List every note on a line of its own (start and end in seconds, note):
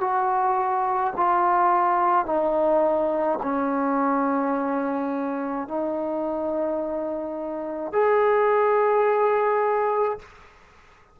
0.00 1.13 F#4
1.16 2.25 F4
2.25 3.39 D#4
3.42 5.68 C#4
5.68 7.92 D#4
7.92 10.19 G#4